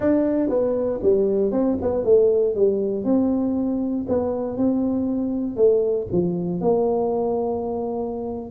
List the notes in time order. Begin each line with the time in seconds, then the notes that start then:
0.00 D4
0.49 B3
1.03 G3
1.51 C4
1.81 B3
2.04 A3
2.55 G3
3.04 C4
4.08 B3
4.57 C4
5.56 A3
6.12 F3
6.61 A#3